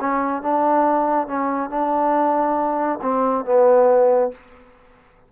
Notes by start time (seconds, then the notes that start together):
0.00 C#4
0.42 D4
1.27 C#4
1.70 D4
3.02 C4
3.45 B3